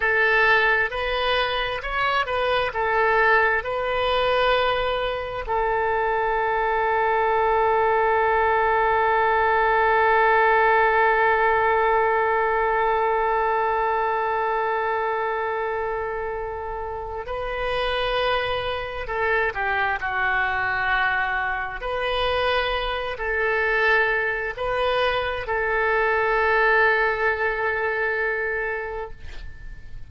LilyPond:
\new Staff \with { instrumentName = "oboe" } { \time 4/4 \tempo 4 = 66 a'4 b'4 cis''8 b'8 a'4 | b'2 a'2~ | a'1~ | a'1~ |
a'2. b'4~ | b'4 a'8 g'8 fis'2 | b'4. a'4. b'4 | a'1 | }